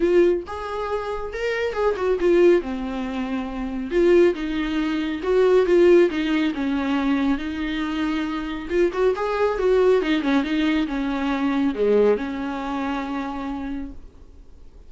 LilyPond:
\new Staff \with { instrumentName = "viola" } { \time 4/4 \tempo 4 = 138 f'4 gis'2 ais'4 | gis'8 fis'8 f'4 c'2~ | c'4 f'4 dis'2 | fis'4 f'4 dis'4 cis'4~ |
cis'4 dis'2. | f'8 fis'8 gis'4 fis'4 dis'8 cis'8 | dis'4 cis'2 gis4 | cis'1 | }